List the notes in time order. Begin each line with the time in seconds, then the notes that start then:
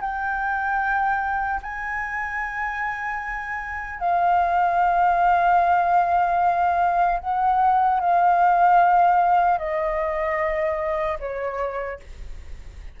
0.00 G5
1.62 G#5
3.99 F5
7.20 F#5
8.00 F5
9.58 D#5
11.19 C#5